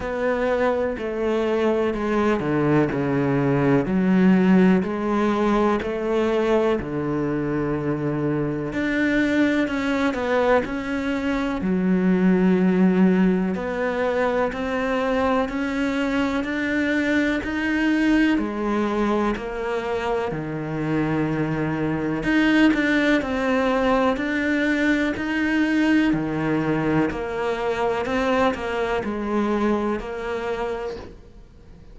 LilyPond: \new Staff \with { instrumentName = "cello" } { \time 4/4 \tempo 4 = 62 b4 a4 gis8 d8 cis4 | fis4 gis4 a4 d4~ | d4 d'4 cis'8 b8 cis'4 | fis2 b4 c'4 |
cis'4 d'4 dis'4 gis4 | ais4 dis2 dis'8 d'8 | c'4 d'4 dis'4 dis4 | ais4 c'8 ais8 gis4 ais4 | }